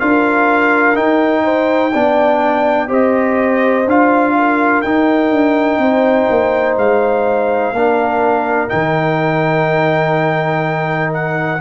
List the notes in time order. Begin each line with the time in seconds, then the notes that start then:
0.00 D4 F4 A#4 F5
0.95 D#4 G5
1.44 C5
1.93 B3 D4 D5
2.88 C4 G4 C5 D#5
3.86 D4 F4 F5
4.39 A#4
4.82 D#4 G5
5.31 D4
5.79 C4 C5
6.30 A#3
6.77 G#3 F5
7.72 A#3 D4 A#4
8.69 D#3 D#4 G5
11.14 F#5